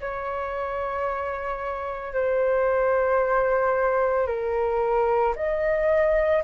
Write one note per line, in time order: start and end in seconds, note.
0.00 2.13 C#5
2.13 4.27 C5
4.27 5.34 A#4
5.36 6.43 D#5